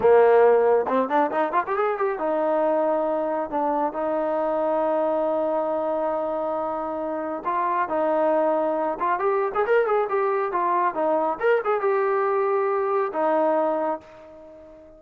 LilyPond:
\new Staff \with { instrumentName = "trombone" } { \time 4/4 \tempo 4 = 137 ais2 c'8 d'8 dis'8 f'16 g'16 | gis'8 g'8 dis'2. | d'4 dis'2.~ | dis'1~ |
dis'4 f'4 dis'2~ | dis'8 f'8 g'8. gis'16 ais'8 gis'8 g'4 | f'4 dis'4 ais'8 gis'8 g'4~ | g'2 dis'2 | }